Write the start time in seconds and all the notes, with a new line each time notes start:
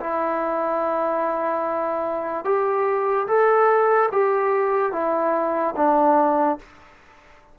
0.00 E4
2.44 G4
3.27 A4
4.11 G4
4.92 E4
5.76 D4